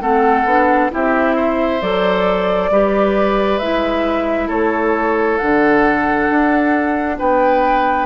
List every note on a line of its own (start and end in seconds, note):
0.00 0.45 A3
0.00 0.46 C4
0.00 0.91 A4
0.00 0.90 F#5
0.45 0.90 B3
0.45 0.90 D4
0.90 1.82 C4
0.90 1.80 E4
0.90 1.36 G4
0.90 1.82 E5
1.36 2.70 C5
1.82 2.70 F#3
1.82 2.71 A4
1.82 3.59 D5
2.70 3.60 G3
2.70 3.61 G4
2.70 4.48 B4
3.59 4.49 G#3
3.59 5.40 E4
3.59 4.48 E5
4.48 5.38 A3
4.48 7.16 A4
4.48 5.38 C#5
5.38 6.30 D3
5.38 8.06 D4
5.38 7.17 F#5
6.30 7.19 D4
7.19 8.06 B3
7.19 8.06 B4
7.19 8.06 G5